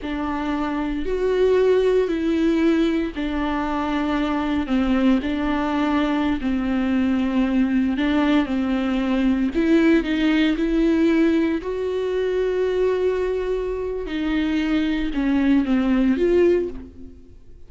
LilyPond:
\new Staff \with { instrumentName = "viola" } { \time 4/4 \tempo 4 = 115 d'2 fis'2 | e'2 d'2~ | d'4 c'4 d'2~ | d'16 c'2. d'8.~ |
d'16 c'2 e'4 dis'8.~ | dis'16 e'2 fis'4.~ fis'16~ | fis'2. dis'4~ | dis'4 cis'4 c'4 f'4 | }